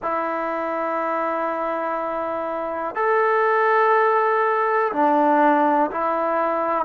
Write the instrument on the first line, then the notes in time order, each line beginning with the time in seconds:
trombone
0.02 E4
2.95 A4
4.92 D4
5.91 E4